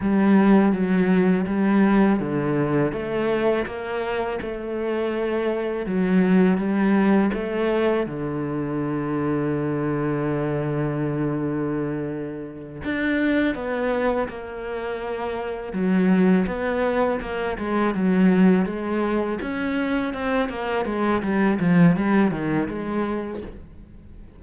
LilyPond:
\new Staff \with { instrumentName = "cello" } { \time 4/4 \tempo 4 = 82 g4 fis4 g4 d4 | a4 ais4 a2 | fis4 g4 a4 d4~ | d1~ |
d4. d'4 b4 ais8~ | ais4. fis4 b4 ais8 | gis8 fis4 gis4 cis'4 c'8 | ais8 gis8 g8 f8 g8 dis8 gis4 | }